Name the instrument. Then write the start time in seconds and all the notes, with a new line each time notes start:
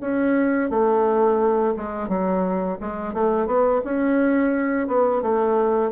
bassoon
0.00 C#4
0.70 A3
1.76 G#3
2.08 F#3
2.80 G#3
3.14 A3
3.46 B3
3.84 C#4
4.88 B3
5.22 A3